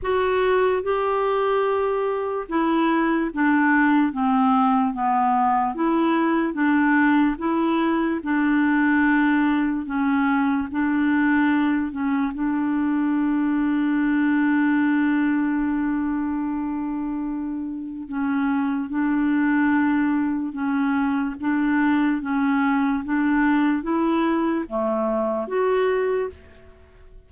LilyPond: \new Staff \with { instrumentName = "clarinet" } { \time 4/4 \tempo 4 = 73 fis'4 g'2 e'4 | d'4 c'4 b4 e'4 | d'4 e'4 d'2 | cis'4 d'4. cis'8 d'4~ |
d'1~ | d'2 cis'4 d'4~ | d'4 cis'4 d'4 cis'4 | d'4 e'4 a4 fis'4 | }